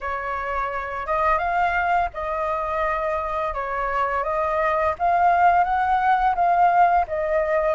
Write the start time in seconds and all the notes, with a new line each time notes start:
0.01 C#5
1.06 D#5
1.38 F5
2.13 D#5
3.54 C#5
4.23 D#5
4.99 F5
5.64 F#5
6.35 F5
7.07 D#5